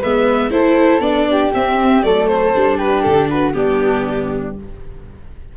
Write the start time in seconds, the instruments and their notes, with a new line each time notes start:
0.00 tuba G#3, viola B3, flute B4, violin E5
0.51 tuba A3, viola E4, flute A4, violin C5
1.00 tuba B3, viola D4, violin D5
1.31 flute G4
1.54 tuba C4, viola C4, violin E5
2.03 tuba F#3, viola A3, flute A4, violin D5
2.28 violin C5
2.55 tuba G3, viola D4
2.78 flute G4, violin B4
3.03 tuba D3, violin A4
3.30 flute F#4, violin B4
3.53 tuba G3, viola B3, flute D4, violin G4